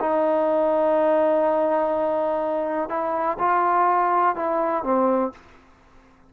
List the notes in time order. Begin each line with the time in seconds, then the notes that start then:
0.00 D#4
2.89 E4
3.39 F4
4.36 E4
4.84 C4